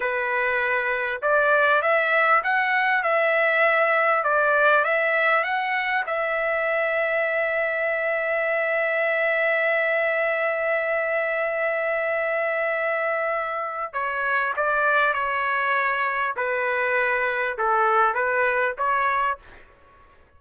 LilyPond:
\new Staff \with { instrumentName = "trumpet" } { \time 4/4 \tempo 4 = 99 b'2 d''4 e''4 | fis''4 e''2 d''4 | e''4 fis''4 e''2~ | e''1~ |
e''1~ | e''2. cis''4 | d''4 cis''2 b'4~ | b'4 a'4 b'4 cis''4 | }